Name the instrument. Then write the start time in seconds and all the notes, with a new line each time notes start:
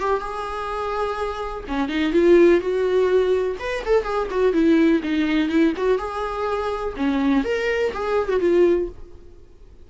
viola
0.00 G4
0.21 G#4
1.68 C#4
1.89 D#4
2.13 F4
2.61 F#4
3.60 B4
3.86 A4
4.04 G#4
4.31 F#4
4.53 E4
5.03 D#4
5.50 E4
5.77 F#4
5.98 G#4
6.97 C#4
7.44 A#4
7.94 G#4
8.29 F#4
8.41 F4